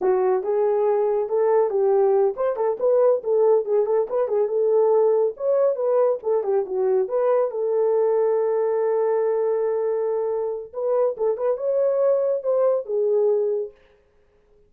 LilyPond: \new Staff \with { instrumentName = "horn" } { \time 4/4 \tempo 4 = 140 fis'4 gis'2 a'4 | g'4. c''8 a'8 b'4 a'8~ | a'8 gis'8 a'8 b'8 gis'8 a'4.~ | a'8 cis''4 b'4 a'8 g'8 fis'8~ |
fis'8 b'4 a'2~ a'8~ | a'1~ | a'4 b'4 a'8 b'8 cis''4~ | cis''4 c''4 gis'2 | }